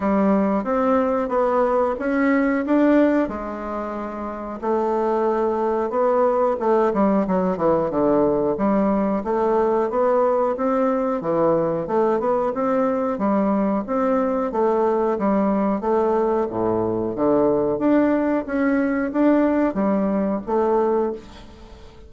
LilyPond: \new Staff \with { instrumentName = "bassoon" } { \time 4/4 \tempo 4 = 91 g4 c'4 b4 cis'4 | d'4 gis2 a4~ | a4 b4 a8 g8 fis8 e8 | d4 g4 a4 b4 |
c'4 e4 a8 b8 c'4 | g4 c'4 a4 g4 | a4 a,4 d4 d'4 | cis'4 d'4 g4 a4 | }